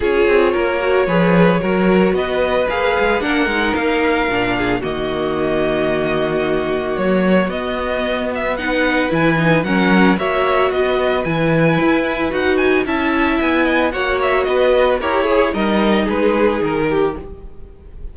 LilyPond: <<
  \new Staff \with { instrumentName = "violin" } { \time 4/4 \tempo 4 = 112 cis''1 | dis''4 f''4 fis''4 f''4~ | f''4 dis''2.~ | dis''4 cis''4 dis''4. e''8 |
fis''4 gis''4 fis''4 e''4 | dis''4 gis''2 fis''8 gis''8 | a''4 gis''4 fis''8 e''8 dis''4 | cis''4 dis''4 b'4 ais'4 | }
  \new Staff \with { instrumentName = "violin" } { \time 4/4 gis'4 ais'4 b'4 ais'4 | b'2 ais'2~ | ais'8 gis'8 fis'2.~ | fis'1 |
b'2 ais'4 cis''4 | b'1 | e''4. dis''8 cis''4 b'4 | ais'8 gis'8 ais'4 gis'4. g'8 | }
  \new Staff \with { instrumentName = "viola" } { \time 4/4 f'4. fis'8 gis'4 fis'4~ | fis'4 gis'4 d'8 dis'4. | d'4 ais2.~ | ais2 b2 |
dis'4 e'8 dis'8 cis'4 fis'4~ | fis'4 e'2 fis'4 | e'2 fis'2 | g'8 gis'8 dis'2. | }
  \new Staff \with { instrumentName = "cello" } { \time 4/4 cis'8 c'8 ais4 f4 fis4 | b4 ais8 gis8 ais8 gis8 ais4 | ais,4 dis2.~ | dis4 fis4 b2~ |
b4 e4 fis4 ais4 | b4 e4 e'4 dis'4 | cis'4 b4 ais4 b4 | e'4 g4 gis4 dis4 | }
>>